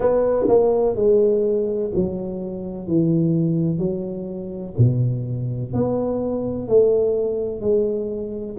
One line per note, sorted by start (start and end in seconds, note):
0.00 0.46 B3
0.48 0.95 A#3
0.95 1.90 G#3
1.95 2.87 F#3
2.87 3.78 E3
3.78 4.74 F#3
4.77 5.73 B2
5.73 6.68 B3
6.68 7.60 A3
7.60 8.55 G#3